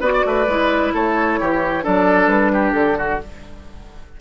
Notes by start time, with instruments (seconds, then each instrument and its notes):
0.00 bassoon B3, clarinet F#4, oboe B4, flute D5
0.13 oboe D5
0.25 bassoon A3, oboe B4
0.47 bassoon G#3, clarinet E4
0.93 bassoon A3, oboe A4, flute C#5
1.40 bassoon E3, oboe G4
1.81 bassoon F#3, clarinet D4, oboe A4, flute D5
2.27 bassoon G3, flute B4
2.53 oboe G4
2.71 bassoon D3, flute A4
2.98 oboe F#4